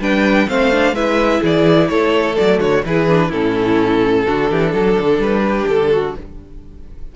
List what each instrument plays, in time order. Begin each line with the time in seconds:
0.00 cello G3, viola D4, violin B4 G5
0.48 cello A3, viola C4, violin C5 F5
0.72 viola D4
0.93 cello G#3, viola E4, violin B4 E5
1.41 cello E3, violin G#4 D5
1.89 cello A3, violin A4 C#5
2.35 cello F#3, viola A3, violin D5
2.59 cello D3, violin F#4 C#5
2.85 cello E3, viola E4, violin G#4 B4
3.08 viola D4
3.29 cello A2, viola C#4, violin E4 A4
4.27 cello D3, viola D4, violin F#4
4.51 cello E3, violin G4
4.72 cello F#3, violin A4
5.00 cello D3
5.19 cello G3, violin B4
5.46 violin G4
5.68 cello D3, violin A4
5.92 violin F#4